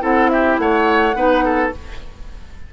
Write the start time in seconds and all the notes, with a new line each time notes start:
0.00 C4 E4 A4 F#5
0.29 G4 E5
0.58 A3 C#5 F#5
1.14 B3 D#4 B4
1.45 A4